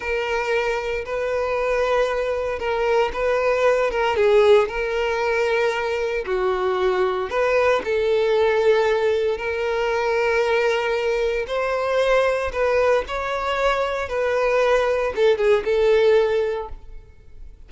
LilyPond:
\new Staff \with { instrumentName = "violin" } { \time 4/4 \tempo 4 = 115 ais'2 b'2~ | b'4 ais'4 b'4. ais'8 | gis'4 ais'2. | fis'2 b'4 a'4~ |
a'2 ais'2~ | ais'2 c''2 | b'4 cis''2 b'4~ | b'4 a'8 gis'8 a'2 | }